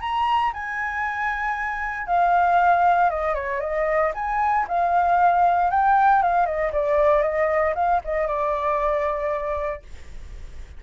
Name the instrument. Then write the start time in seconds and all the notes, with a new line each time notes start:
flute
0.00 A#5
0.53 G#5
2.06 F5
3.10 D#5
3.34 C#5
3.60 D#5
4.14 G#5
4.68 F5
5.70 G5
6.22 F5
6.46 D#5
6.72 D5
7.22 D#5
7.74 F5
8.04 D#5
8.27 D5